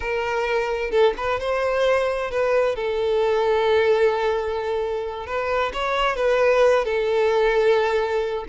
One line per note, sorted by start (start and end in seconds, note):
0.00 0.90 A#4
0.90 1.13 A4
1.17 1.40 B4
1.40 2.30 C5
2.30 2.75 B4
2.75 5.26 A4
5.26 5.72 B4
5.73 6.16 C#5
6.16 6.84 B4
6.85 8.45 A4